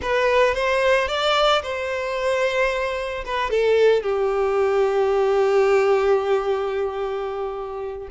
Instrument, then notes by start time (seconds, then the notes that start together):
violin
0.02 B4
0.54 C5
1.07 D5
1.62 C5
3.25 B4
3.50 A4
4.02 G4